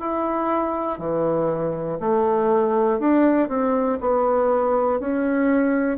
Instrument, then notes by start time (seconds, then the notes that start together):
bassoon
0.00 E4
0.99 E3
2.00 A3
3.00 D4
3.49 C4
4.00 B3
5.00 C#4